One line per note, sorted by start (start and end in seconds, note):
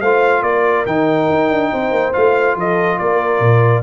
0.00 0.42 A3
0.00 0.87 F4
0.00 0.43 C5
0.00 0.43 F5
0.42 0.85 A#3
0.42 1.72 A#4
0.42 0.85 D5
0.86 1.28 D#3
0.86 2.13 D#4
0.86 2.13 G5
1.30 1.50 D#4
1.50 1.71 D4
1.72 1.91 C4
1.72 2.57 C5
1.91 2.13 A#3
2.13 2.55 A3
2.13 3.83 F4
2.13 2.56 F5
2.55 2.98 F3
2.55 2.98 A4
2.55 2.98 D#5
2.98 3.40 A#3
2.98 3.83 A#4
2.98 3.83 D5
3.40 3.82 A#2